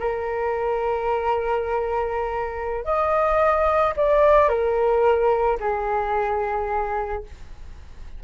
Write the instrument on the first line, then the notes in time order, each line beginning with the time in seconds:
flute
0.00 A#4
2.85 D#5
3.97 D5
4.49 A#4
5.61 G#4